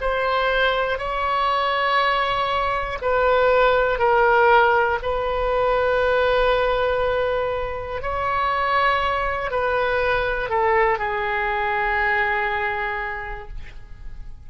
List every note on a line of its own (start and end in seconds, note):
0.00 0.98 C5
0.98 2.98 C#5
3.01 3.98 B4
3.98 4.98 A#4
5.02 8.01 B4
8.01 9.50 C#5
9.50 10.49 B4
10.49 10.98 A4
10.98 13.48 G#4